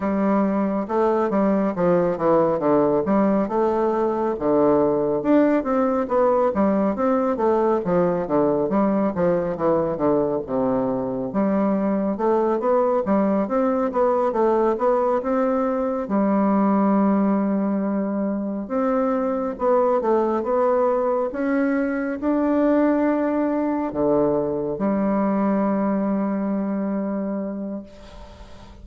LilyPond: \new Staff \with { instrumentName = "bassoon" } { \time 4/4 \tempo 4 = 69 g4 a8 g8 f8 e8 d8 g8 | a4 d4 d'8 c'8 b8 g8 | c'8 a8 f8 d8 g8 f8 e8 d8 | c4 g4 a8 b8 g8 c'8 |
b8 a8 b8 c'4 g4.~ | g4. c'4 b8 a8 b8~ | b8 cis'4 d'2 d8~ | d8 g2.~ g8 | }